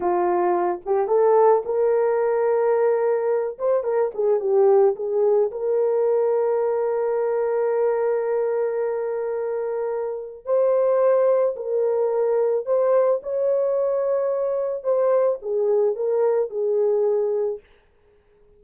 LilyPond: \new Staff \with { instrumentName = "horn" } { \time 4/4 \tempo 4 = 109 f'4. g'8 a'4 ais'4~ | ais'2~ ais'8 c''8 ais'8 gis'8 | g'4 gis'4 ais'2~ | ais'1~ |
ais'2. c''4~ | c''4 ais'2 c''4 | cis''2. c''4 | gis'4 ais'4 gis'2 | }